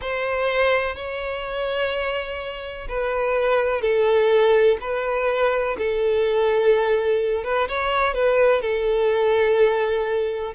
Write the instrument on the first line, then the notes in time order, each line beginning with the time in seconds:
violin
0.01 C5
0.95 C#5
2.88 B4
3.81 A4
4.80 B4
5.78 A4
7.44 B4
7.68 C#5
8.14 B4
8.61 A4